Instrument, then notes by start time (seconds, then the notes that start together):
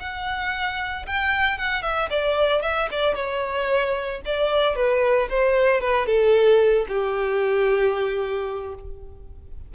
violin
0.00 F#5
1.07 G5
1.58 F#5
1.83 E5
2.10 D5
2.63 E5
2.92 D5
3.16 C#5
4.26 D5
4.76 B4
5.30 C5
5.81 B4
6.07 A4
6.89 G4